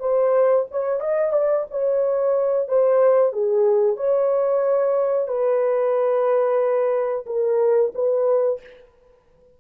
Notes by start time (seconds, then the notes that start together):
0.00 C5
0.71 C#5
1.00 D#5
1.33 D5
1.71 C#5
2.69 C5
3.33 G#4
3.97 C#5
5.28 B4
7.26 A#4
7.95 B4